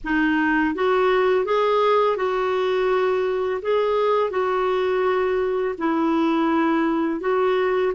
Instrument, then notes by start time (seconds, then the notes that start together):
clarinet
0.04 D#4
0.74 F#4
1.45 G#4
2.16 F#4
3.61 G#4
4.30 F#4
5.78 E4
7.20 F#4